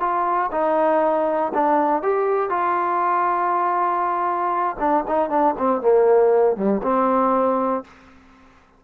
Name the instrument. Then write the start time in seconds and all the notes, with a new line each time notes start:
trombone
0.00 F4
0.52 D#4
1.54 D4
2.03 G4
2.50 F4
4.79 D4
5.08 D#4
5.30 D4
5.58 C4
5.81 A#3
6.56 G3
6.83 C4